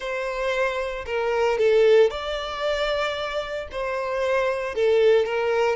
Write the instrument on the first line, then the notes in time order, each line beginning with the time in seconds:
violin
0.00 C5
1.06 A#4
1.58 A4
2.10 D5
3.71 C5
4.74 A4
5.25 A#4